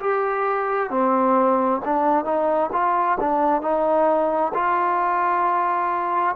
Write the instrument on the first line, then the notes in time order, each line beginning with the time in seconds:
trombone
0.00 G4
0.90 C4
1.85 D4
2.25 D#4
2.72 F4
3.20 D4
3.62 D#4
4.54 F4